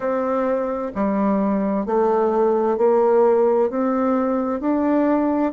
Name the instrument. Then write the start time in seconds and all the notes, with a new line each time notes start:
bassoon
0.00 C4
0.94 G3
1.85 A3
2.77 A#3
3.70 C4
4.60 D4